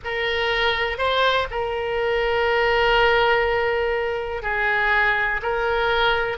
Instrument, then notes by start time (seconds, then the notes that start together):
oboe
0.04 A#4
0.98 C5
1.50 A#4
4.42 G#4
5.42 A#4